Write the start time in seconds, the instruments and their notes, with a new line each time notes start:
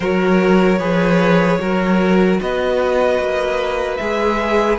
0.00 cello F#3, viola F#4, violin A#4 C#5
0.78 cello F3, viola G#4, violin B4
1.59 cello F#3, viola F#4, violin A#4
2.40 cello B3, violin B4 D#5
3.19 cello A#3
3.96 cello G#3, viola G#4, violin E5